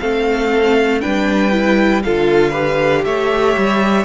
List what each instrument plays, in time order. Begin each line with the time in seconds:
0.00 cello A3, viola C4, violin A4 F5
1.01 cello G3, viola D4, violin B4 G5
1.51 viola E4
2.03 cello D3, viola F4, violin A4 F5
2.51 viola G4, violin B4
3.05 cello A3, violin C#5 E5
3.57 cello G3